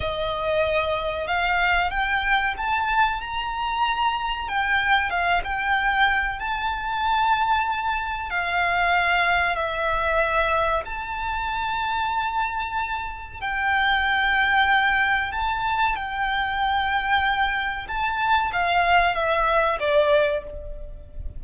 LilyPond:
\new Staff \with { instrumentName = "violin" } { \time 4/4 \tempo 4 = 94 dis''2 f''4 g''4 | a''4 ais''2 g''4 | f''8 g''4. a''2~ | a''4 f''2 e''4~ |
e''4 a''2.~ | a''4 g''2. | a''4 g''2. | a''4 f''4 e''4 d''4 | }